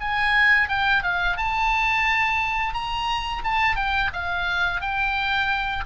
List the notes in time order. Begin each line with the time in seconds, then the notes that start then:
0.00 G#5
0.68 G5
1.03 F5
1.37 A5
2.73 A#5
3.44 A5
3.76 G5
4.13 F5
4.81 G5